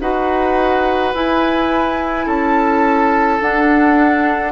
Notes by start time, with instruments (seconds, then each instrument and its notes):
0.00 bassoon D#4, clarinet F#4, oboe B4, flute F#5
1.14 bassoon E4, clarinet E4, flute G#5
2.26 bassoon C#4, oboe A4, flute A5
3.41 clarinet D4, bassoon D4, flute F#5